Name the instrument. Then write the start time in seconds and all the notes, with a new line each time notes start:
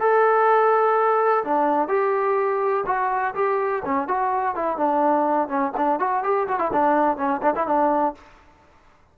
trombone
0.00 A4
1.45 D4
1.89 G4
2.86 F#4
3.35 G4
3.86 C#4
4.08 F#4
4.56 E4
4.77 D4
5.48 C#4
5.78 D4
6.00 F#4
6.24 G4
6.48 F#4
6.59 E4
6.73 D4
7.18 C#4
7.42 D4
7.56 E4
7.67 D4